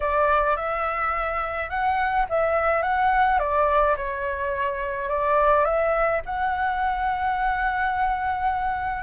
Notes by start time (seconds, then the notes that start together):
0.00 D5
0.56 E5
1.69 F#5
2.29 E5
2.82 F#5
3.39 D5
3.96 C#5
5.09 D5
5.64 E5
6.25 F#5